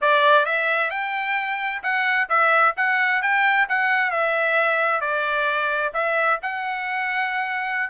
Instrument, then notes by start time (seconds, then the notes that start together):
trumpet
0.01 D5
0.45 E5
0.90 G5
1.82 F#5
2.29 E5
2.76 F#5
3.21 G5
3.68 F#5
4.11 E5
5.00 D5
5.93 E5
6.42 F#5